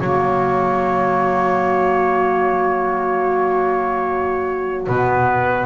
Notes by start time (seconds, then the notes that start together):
0.00 F#3 A#3 F#4 C#5
4.87 B2 B3 B4